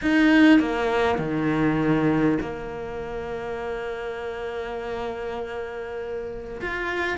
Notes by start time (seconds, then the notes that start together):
0.01 D#4
0.59 A#3
1.18 D#3
2.41 A#3
6.61 F4